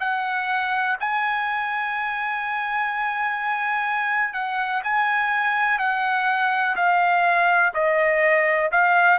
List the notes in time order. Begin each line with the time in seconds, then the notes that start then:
0.00 F#5
1.00 G#5
4.34 F#5
4.84 G#5
5.79 F#5
6.76 F5
7.74 D#5
8.71 F5